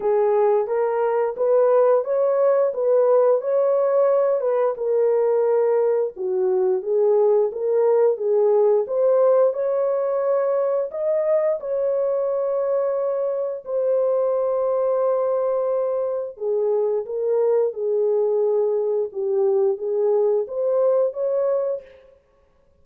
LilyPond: \new Staff \with { instrumentName = "horn" } { \time 4/4 \tempo 4 = 88 gis'4 ais'4 b'4 cis''4 | b'4 cis''4. b'8 ais'4~ | ais'4 fis'4 gis'4 ais'4 | gis'4 c''4 cis''2 |
dis''4 cis''2. | c''1 | gis'4 ais'4 gis'2 | g'4 gis'4 c''4 cis''4 | }